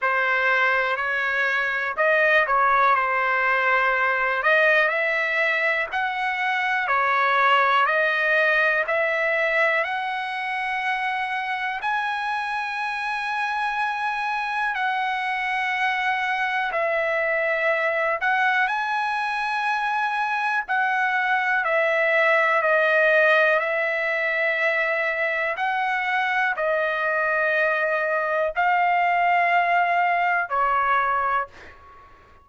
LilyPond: \new Staff \with { instrumentName = "trumpet" } { \time 4/4 \tempo 4 = 61 c''4 cis''4 dis''8 cis''8 c''4~ | c''8 dis''8 e''4 fis''4 cis''4 | dis''4 e''4 fis''2 | gis''2. fis''4~ |
fis''4 e''4. fis''8 gis''4~ | gis''4 fis''4 e''4 dis''4 | e''2 fis''4 dis''4~ | dis''4 f''2 cis''4 | }